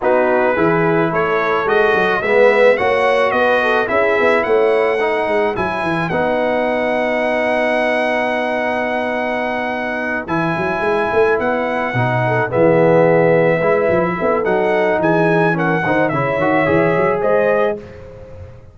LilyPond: <<
  \new Staff \with { instrumentName = "trumpet" } { \time 4/4 \tempo 4 = 108 b'2 cis''4 dis''4 | e''4 fis''4 dis''4 e''4 | fis''2 gis''4 fis''4~ | fis''1~ |
fis''2~ fis''8 gis''4.~ | gis''8 fis''2 e''4.~ | e''2 fis''4 gis''4 | fis''4 e''2 dis''4 | }
  \new Staff \with { instrumentName = "horn" } { \time 4/4 fis'4 gis'4 a'2 | b'4 cis''4 b'8 a'8 gis'4 | cis''4 b'2.~ | b'1~ |
b'1~ | b'2 a'8 gis'4.~ | gis'8 b'4 a'4. gis'4 | ais'8 c''8 cis''2 c''4 | }
  \new Staff \with { instrumentName = "trombone" } { \time 4/4 dis'4 e'2 fis'4 | b4 fis'2 e'4~ | e'4 dis'4 e'4 dis'4~ | dis'1~ |
dis'2~ dis'8 e'4.~ | e'4. dis'4 b4.~ | b8 e'4. dis'2 | cis'8 dis'8 e'8 fis'8 gis'2 | }
  \new Staff \with { instrumentName = "tuba" } { \time 4/4 b4 e4 a4 gis8 fis8 | gis4 ais4 b4 cis'8 b8 | a4. gis8 fis8 e8 b4~ | b1~ |
b2~ b8 e8 fis8 gis8 | a8 b4 b,4 e4.~ | e8 gis8 f8 b8 fis4 e4~ | e8 dis8 cis8 dis8 e8 fis8 gis4 | }
>>